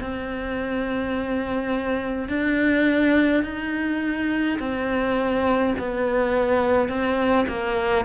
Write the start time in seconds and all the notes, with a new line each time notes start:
0.00 C4
2.28 D4
3.43 D#4
4.58 C4
5.78 B3
6.88 C4
7.47 A#3